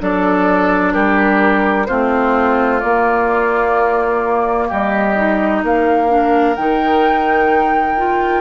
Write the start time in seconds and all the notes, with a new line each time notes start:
0.00 F#3 D4 A4 D5
0.93 G3 G4 A#4
1.87 A3 C4 F4 C5
2.80 A#3 D5
4.69 G3 G4 D#5
5.17 D#4
5.63 A#3 A#4 F5
6.09 D4
6.56 D#3 D#4 G5
7.98 F4